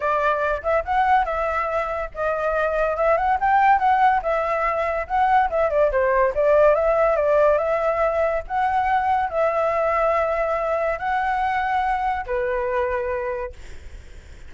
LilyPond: \new Staff \with { instrumentName = "flute" } { \time 4/4 \tempo 4 = 142 d''4. e''8 fis''4 e''4~ | e''4 dis''2 e''8 fis''8 | g''4 fis''4 e''2 | fis''4 e''8 d''8 c''4 d''4 |
e''4 d''4 e''2 | fis''2 e''2~ | e''2 fis''2~ | fis''4 b'2. | }